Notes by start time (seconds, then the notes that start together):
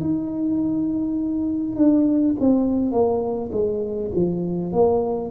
0.00 D#4
1.75 D4
2.40 C4
2.91 A#3
3.52 G#3
4.15 F3
4.72 A#3